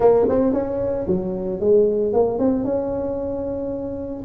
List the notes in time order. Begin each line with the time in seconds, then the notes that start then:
0.00 A#3
0.28 C4
0.53 C#4
1.07 F#3
1.60 G#3
2.13 A#3
2.38 C4
2.64 C#4